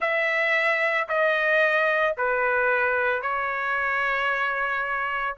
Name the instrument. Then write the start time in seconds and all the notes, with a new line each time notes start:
trumpet
0.00 E5
1.08 D#5
2.17 B4
3.22 C#5